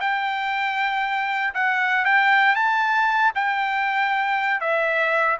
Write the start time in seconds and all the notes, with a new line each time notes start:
0.00 G5
1.54 F#5
2.05 G5
2.55 A5
3.35 G5
4.60 E5